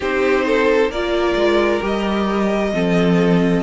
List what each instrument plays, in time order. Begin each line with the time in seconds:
0.00 cello C4, viola D#4, violin G4 C5
0.45 violin A4
0.89 cello A#3, viola F4, violin A#4 D5
1.35 cello G#3
1.81 cello G3, viola G4, violin D#5
2.73 cello F3, viola C4, violin A4